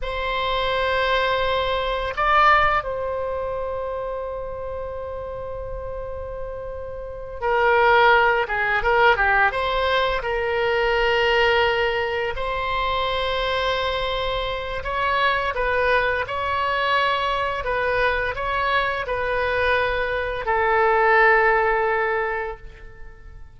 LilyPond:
\new Staff \with { instrumentName = "oboe" } { \time 4/4 \tempo 4 = 85 c''2. d''4 | c''1~ | c''2~ c''8 ais'4. | gis'8 ais'8 g'8 c''4 ais'4.~ |
ais'4. c''2~ c''8~ | c''4 cis''4 b'4 cis''4~ | cis''4 b'4 cis''4 b'4~ | b'4 a'2. | }